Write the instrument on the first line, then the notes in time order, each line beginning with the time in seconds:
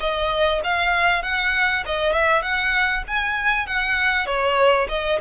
violin
0.00 D#5
0.64 F5
1.22 F#5
1.86 D#5
2.12 E5
2.42 F#5
3.07 G#5
3.67 F#5
4.26 C#5
4.88 D#5